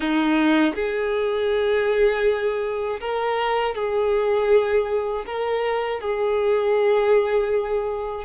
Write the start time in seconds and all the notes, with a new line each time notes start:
0.00 D#4
0.75 G#4
3.00 A#4
3.75 G#4
5.26 A#4
6.00 G#4